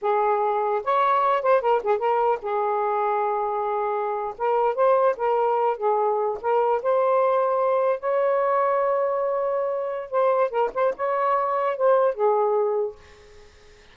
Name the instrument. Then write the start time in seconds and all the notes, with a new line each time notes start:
saxophone
0.01 G#4
0.83 C#5
1.42 C5
1.61 A#4
1.83 G#4
1.98 A#4
2.41 G#4
4.38 A#4
4.75 C5
5.17 A#4
5.77 G#4
6.41 A#4
6.82 C5
7.99 C#5
10.11 C5
10.50 A#4
10.74 C5
10.96 C#5
11.76 C5
12.14 G#4